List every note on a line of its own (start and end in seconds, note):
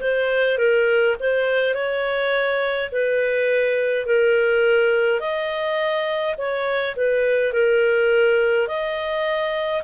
0.00 0.58 C5
0.58 1.15 A#4
1.20 1.74 C5
1.74 2.90 C#5
2.91 4.05 B4
4.05 5.20 A#4
5.20 6.35 D#5
6.37 6.95 C#5
6.96 7.52 B4
7.52 8.67 A#4
8.67 9.82 D#5